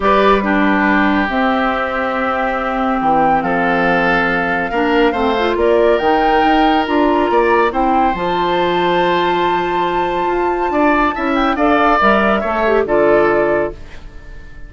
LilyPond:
<<
  \new Staff \with { instrumentName = "flute" } { \time 4/4 \tempo 4 = 140 d''4 b'2 e''4~ | e''2. g''4 | f''1~ | f''4 d''4 g''2 |
ais''2 g''4 a''4~ | a''1~ | a''2~ a''8 g''8 f''4 | e''2 d''2 | }
  \new Staff \with { instrumentName = "oboe" } { \time 4/4 b'4 g'2.~ | g'1 | a'2. ais'4 | c''4 ais'2.~ |
ais'4 d''4 c''2~ | c''1~ | c''4 d''4 e''4 d''4~ | d''4 cis''4 a'2 | }
  \new Staff \with { instrumentName = "clarinet" } { \time 4/4 g'4 d'2 c'4~ | c'1~ | c'2. d'4 | c'8 f'4. dis'2 |
f'2 e'4 f'4~ | f'1~ | f'2 e'4 a'4 | ais'4 a'8 g'8 f'2 | }
  \new Staff \with { instrumentName = "bassoon" } { \time 4/4 g2. c'4~ | c'2. e4 | f2. ais4 | a4 ais4 dis4 dis'4 |
d'4 ais4 c'4 f4~ | f1 | f'4 d'4 cis'4 d'4 | g4 a4 d2 | }
>>